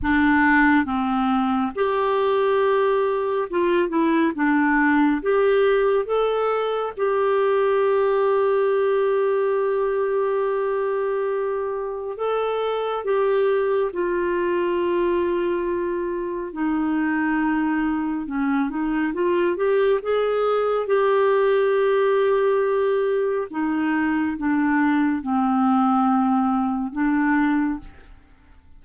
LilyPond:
\new Staff \with { instrumentName = "clarinet" } { \time 4/4 \tempo 4 = 69 d'4 c'4 g'2 | f'8 e'8 d'4 g'4 a'4 | g'1~ | g'2 a'4 g'4 |
f'2. dis'4~ | dis'4 cis'8 dis'8 f'8 g'8 gis'4 | g'2. dis'4 | d'4 c'2 d'4 | }